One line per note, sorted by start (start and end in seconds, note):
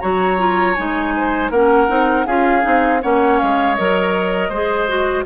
0.00 0.78 F#3
0.00 0.38 F#4
0.00 1.13 C#5
0.00 0.75 A#5
0.38 0.75 F4
0.75 1.50 G#3
0.75 1.52 D#4
0.75 1.50 G#5
1.17 1.51 C5
1.50 1.88 A#3
1.50 1.88 C#4
1.50 2.26 A#4
1.50 2.26 F#5
1.88 2.26 C4
1.88 2.25 D#4
2.26 2.64 C#4
2.26 2.61 F4
2.26 3.01 G#4
2.26 3.01 F5
2.61 3.04 C4
2.61 2.99 D#4
3.02 3.41 A#3
3.02 3.78 C#4
3.02 4.49 C#5
3.02 3.38 F#5
3.38 3.79 G#3
3.38 3.75 F5
3.75 4.49 F#3
3.75 4.53 A#4
3.75 5.25 D#5
4.49 5.24 G#3
4.49 4.88 G#4
4.49 5.24 C5
4.88 5.25 F#4